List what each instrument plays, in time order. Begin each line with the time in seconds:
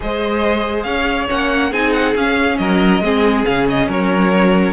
0.00 cello G#3, viola G#4, violin C5 D#5
0.83 cello C#4, violin C#5 F5
1.28 cello A#3, viola C#4, violin F#5
1.70 cello C4, viola D#4, violin G#4 G#5
1.92 violin F#5
2.15 cello C#4, viola C#4, violin F5
2.57 cello F#3, violin A#4 D#5
3.00 cello G#3, viola C4, violin G#4
3.45 cello C#3, viola C#4, violin F5
3.69 violin D#5
3.87 cello F#3, violin A#4 C#5